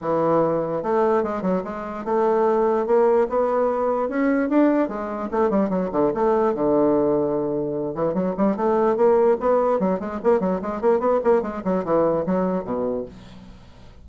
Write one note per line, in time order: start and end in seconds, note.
0.01 0.83 E3
0.83 1.23 A3
1.23 1.42 G#3
1.42 1.62 F#3
1.64 2.04 G#3
2.04 2.86 A3
2.86 3.27 A#3
3.29 4.09 B3
4.09 4.49 C#4
4.49 4.88 D4
4.88 5.29 G#3
5.31 5.50 A3
5.50 5.69 G3
5.69 5.89 F#3
5.91 6.12 D3
6.14 6.54 A3
6.54 7.95 D3
7.95 8.14 E3
8.14 8.34 F#3
8.37 8.56 G3
8.56 8.96 A3
8.96 9.37 A#3
9.40 9.79 B3
9.79 9.99 F#3
9.99 10.19 G#3
10.23 10.40 A#3
10.40 10.60 F#3
10.61 10.81 G#3
10.81 10.99 A#3
10.99 11.19 B3
11.24 11.42 A#3
11.42 11.62 G#3
11.64 11.84 F#3
11.84 12.25 E3
12.26 12.64 F#3
12.64 13.05 B2